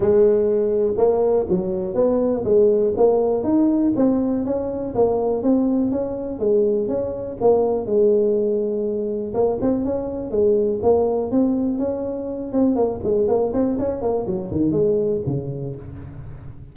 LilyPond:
\new Staff \with { instrumentName = "tuba" } { \time 4/4 \tempo 4 = 122 gis2 ais4 fis4 | b4 gis4 ais4 dis'4 | c'4 cis'4 ais4 c'4 | cis'4 gis4 cis'4 ais4 |
gis2. ais8 c'8 | cis'4 gis4 ais4 c'4 | cis'4. c'8 ais8 gis8 ais8 c'8 | cis'8 ais8 fis8 dis8 gis4 cis4 | }